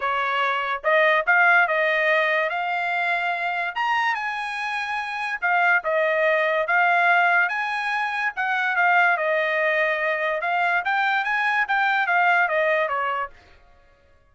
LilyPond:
\new Staff \with { instrumentName = "trumpet" } { \time 4/4 \tempo 4 = 144 cis''2 dis''4 f''4 | dis''2 f''2~ | f''4 ais''4 gis''2~ | gis''4 f''4 dis''2 |
f''2 gis''2 | fis''4 f''4 dis''2~ | dis''4 f''4 g''4 gis''4 | g''4 f''4 dis''4 cis''4 | }